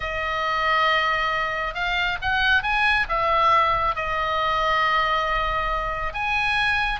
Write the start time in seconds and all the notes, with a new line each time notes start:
0.00 D#5
1.74 F5
2.21 F#5
2.63 G#5
3.08 E5
3.95 D#5
6.13 G#5